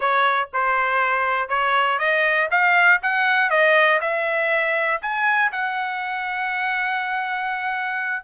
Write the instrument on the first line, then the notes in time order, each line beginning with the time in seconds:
trumpet
0.00 C#5
0.53 C5
1.48 C#5
1.98 D#5
2.50 F5
3.02 F#5
3.50 D#5
4.00 E5
5.01 G#5
5.52 F#5